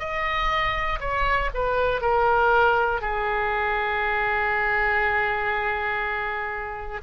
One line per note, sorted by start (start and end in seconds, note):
0.00 1.00 D#5
1.01 1.51 C#5
1.55 2.02 B4
2.02 3.02 A#4
3.02 7.02 G#4